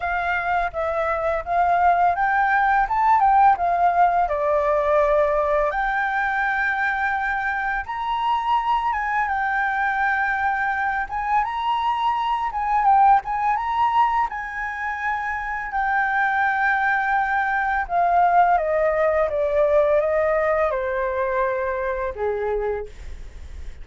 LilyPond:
\new Staff \with { instrumentName = "flute" } { \time 4/4 \tempo 4 = 84 f''4 e''4 f''4 g''4 | a''8 g''8 f''4 d''2 | g''2. ais''4~ | ais''8 gis''8 g''2~ g''8 gis''8 |
ais''4. gis''8 g''8 gis''8 ais''4 | gis''2 g''2~ | g''4 f''4 dis''4 d''4 | dis''4 c''2 gis'4 | }